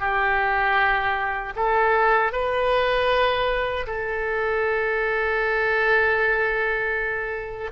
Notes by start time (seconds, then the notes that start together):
0.00 G4
1.56 A4
2.33 B4
3.87 A4